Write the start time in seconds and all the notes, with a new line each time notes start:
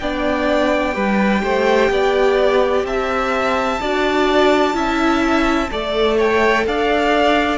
0.00 B3 D4 D5 G5
0.93 G3 G4 B4
1.43 A3 C5
1.91 B3 D5
2.84 C4 E5 A5
3.81 D4 F#4 D5
4.74 C#4 E4 E5
5.71 A3 A4 D5
6.18 C#5 G5
6.67 D4 D5 F5